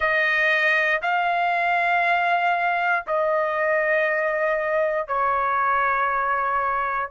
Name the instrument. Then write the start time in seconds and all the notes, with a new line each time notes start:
trumpet
0.00 D#5
1.02 F5
3.06 D#5
5.07 C#5